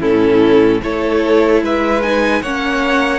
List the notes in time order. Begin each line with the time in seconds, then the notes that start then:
0.00 A2 C#4 E4 A4
0.82 A3 E4 A4 C#5
1.62 G#3 B4 E5
2.02 D#4 G#5
2.42 A#3 C#4 C#5 F#5